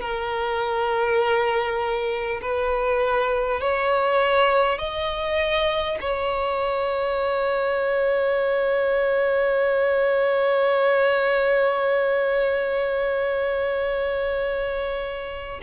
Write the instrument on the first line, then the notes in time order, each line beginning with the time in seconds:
violin
0.00 A#4
2.41 B4
3.60 C#5
4.78 D#5
6.01 C#5